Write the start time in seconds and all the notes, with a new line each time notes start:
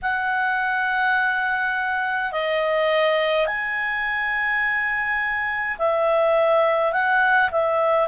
0.02 F#5
2.32 D#5
3.46 G#5
5.78 E5
6.92 F#5
7.51 E5